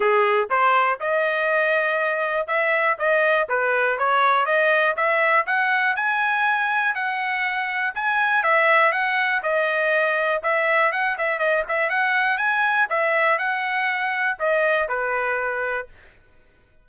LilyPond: \new Staff \with { instrumentName = "trumpet" } { \time 4/4 \tempo 4 = 121 gis'4 c''4 dis''2~ | dis''4 e''4 dis''4 b'4 | cis''4 dis''4 e''4 fis''4 | gis''2 fis''2 |
gis''4 e''4 fis''4 dis''4~ | dis''4 e''4 fis''8 e''8 dis''8 e''8 | fis''4 gis''4 e''4 fis''4~ | fis''4 dis''4 b'2 | }